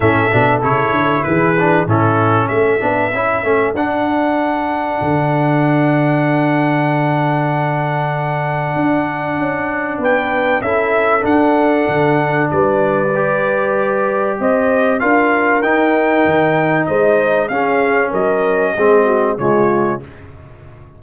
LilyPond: <<
  \new Staff \with { instrumentName = "trumpet" } { \time 4/4 \tempo 4 = 96 e''4 cis''4 b'4 a'4 | e''2 fis''2~ | fis''1~ | fis''1 |
g''4 e''4 fis''2 | d''2. dis''4 | f''4 g''2 dis''4 | f''4 dis''2 cis''4 | }
  \new Staff \with { instrumentName = "horn" } { \time 4/4 a'2 gis'4 e'4 | a'1~ | a'1~ | a'1 |
b'4 a'2. | b'2. c''4 | ais'2. c''4 | gis'4 ais'4 gis'8 fis'8 f'4 | }
  \new Staff \with { instrumentName = "trombone" } { \time 4/4 cis'8 d'8 e'4. d'8 cis'4~ | cis'8 d'8 e'8 cis'8 d'2~ | d'1~ | d'1~ |
d'4 e'4 d'2~ | d'4 g'2. | f'4 dis'2. | cis'2 c'4 gis4 | }
  \new Staff \with { instrumentName = "tuba" } { \time 4/4 a,8 b,8 cis8 d8 e4 a,4 | a8 b8 cis'8 a8 d'2 | d1~ | d2 d'4 cis'4 |
b4 cis'4 d'4 d4 | g2. c'4 | d'4 dis'4 dis4 gis4 | cis'4 fis4 gis4 cis4 | }
>>